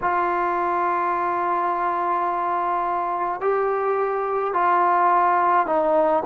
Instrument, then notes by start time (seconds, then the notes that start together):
trombone
0.01 F4
3.40 G4
4.53 F4
5.66 D#4